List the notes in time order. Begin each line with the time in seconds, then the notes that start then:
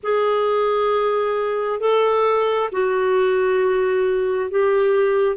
0.03 G#4
1.80 A4
2.72 F#4
4.50 G4